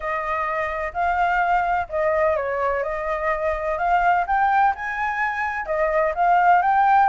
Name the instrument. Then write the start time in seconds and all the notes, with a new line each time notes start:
flute
0.00 D#5
0.93 F5
1.89 D#5
2.36 C#5
2.83 D#5
3.78 F5
4.26 G5
4.75 G#5
5.66 D#5
6.14 F5
6.61 G5